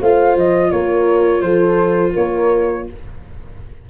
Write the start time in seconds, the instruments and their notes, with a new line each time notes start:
0.00 tuba A3, viola F4, horn C5, flute F5
0.35 tuba F3, flute D#5
0.71 tuba A#3, horn A#4, flute C#5
1.41 tuba F3, horn A4, flute C5
2.12 tuba A#3, horn A#4, flute C#5